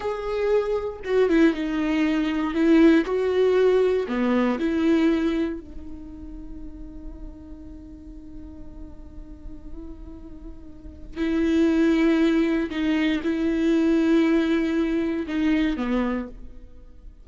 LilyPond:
\new Staff \with { instrumentName = "viola" } { \time 4/4 \tempo 4 = 118 gis'2 fis'8 e'8 dis'4~ | dis'4 e'4 fis'2 | b4 e'2 dis'4~ | dis'1~ |
dis'1~ | dis'2 e'2~ | e'4 dis'4 e'2~ | e'2 dis'4 b4 | }